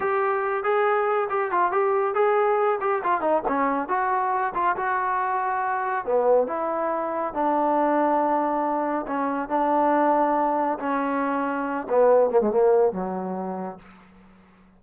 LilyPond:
\new Staff \with { instrumentName = "trombone" } { \time 4/4 \tempo 4 = 139 g'4. gis'4. g'8 f'8 | g'4 gis'4. g'8 f'8 dis'8 | cis'4 fis'4. f'8 fis'4~ | fis'2 b4 e'4~ |
e'4 d'2.~ | d'4 cis'4 d'2~ | d'4 cis'2~ cis'8 b8~ | b8 ais16 gis16 ais4 fis2 | }